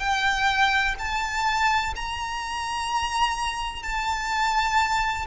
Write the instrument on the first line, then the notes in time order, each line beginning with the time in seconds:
violin
0.00 G5
0.99 A5
1.96 A#5
3.84 A5